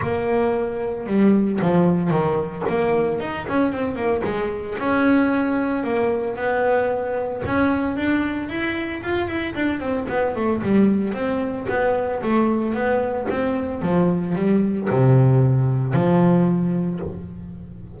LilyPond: \new Staff \with { instrumentName = "double bass" } { \time 4/4 \tempo 4 = 113 ais2 g4 f4 | dis4 ais4 dis'8 cis'8 c'8 ais8 | gis4 cis'2 ais4 | b2 cis'4 d'4 |
e'4 f'8 e'8 d'8 c'8 b8 a8 | g4 c'4 b4 a4 | b4 c'4 f4 g4 | c2 f2 | }